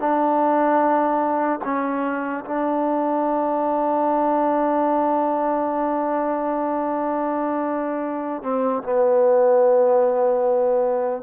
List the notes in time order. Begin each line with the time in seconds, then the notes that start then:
0.00 D4
1.64 C#4
2.45 D4
8.43 C4
8.83 B3